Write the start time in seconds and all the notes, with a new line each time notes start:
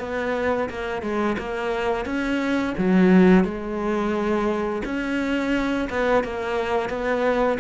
0.00 B3
0.70 A#3
1.03 G#3
1.39 A#3
2.06 C#4
2.78 F#3
3.45 G#3
4.86 C#4
5.90 B3
6.24 A#3
6.89 B3